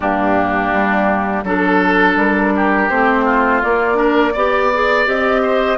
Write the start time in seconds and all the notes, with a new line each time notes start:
0.00 G2 A#3 D4 G4
0.73 G3
1.43 F#3 D4 A4
2.16 G3 A#4
2.55 G4
2.89 A3 C4 C5
3.24 F4
3.61 A#3 D5
3.94 D4 A#4
4.33 B3 G4 D5
4.74 G#4
5.05 C4 G4 D#5
5.42 C5